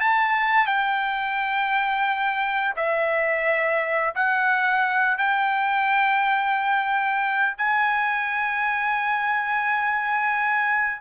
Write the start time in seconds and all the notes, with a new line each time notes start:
0.00 A5
0.66 G5
2.76 E5
4.15 F#5
5.18 G5
7.57 G#5